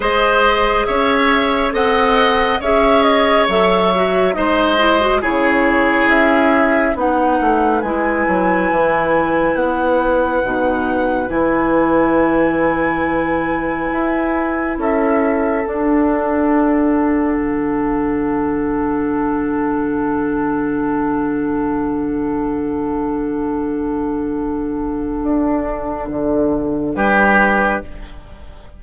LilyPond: <<
  \new Staff \with { instrumentName = "flute" } { \time 4/4 \tempo 4 = 69 dis''4 e''4 fis''4 e''8 dis''8 | e''4 dis''4 cis''4 e''4 | fis''4 gis''2 fis''4~ | fis''4 gis''2.~ |
gis''4 e''4 fis''2~ | fis''1~ | fis''1~ | fis''2. b'4 | }
  \new Staff \with { instrumentName = "oboe" } { \time 4/4 c''4 cis''4 dis''4 cis''4~ | cis''4 c''4 gis'2 | b'1~ | b'1~ |
b'4 a'2.~ | a'1~ | a'1~ | a'2. g'4 | }
  \new Staff \with { instrumentName = "clarinet" } { \time 4/4 gis'2 a'4 gis'4 | a'8 fis'8 dis'8 e'16 fis'16 e'2 | dis'4 e'2. | dis'4 e'2.~ |
e'2 d'2~ | d'1~ | d'1~ | d'1 | }
  \new Staff \with { instrumentName = "bassoon" } { \time 4/4 gis4 cis'4 c'4 cis'4 | fis4 gis4 cis4 cis'4 | b8 a8 gis8 fis8 e4 b4 | b,4 e2. |
e'4 cis'4 d'2 | d1~ | d1~ | d4 d'4 d4 g4 | }
>>